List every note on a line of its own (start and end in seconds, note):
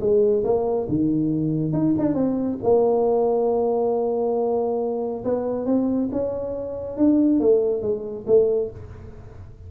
0.00 0.43 G#3
0.44 0.87 A#3
0.89 1.72 D#3
1.72 1.94 D#4
1.98 2.14 D4
2.14 2.58 C4
2.63 5.24 A#3
5.24 5.65 B3
5.65 6.09 C4
6.11 6.97 C#4
6.97 7.40 D4
7.40 7.82 A3
7.82 8.25 G#3
8.27 8.70 A3